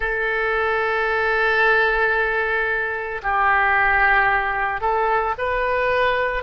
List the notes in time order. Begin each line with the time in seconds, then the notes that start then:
0.00 A4
3.22 G4
4.81 A4
5.38 B4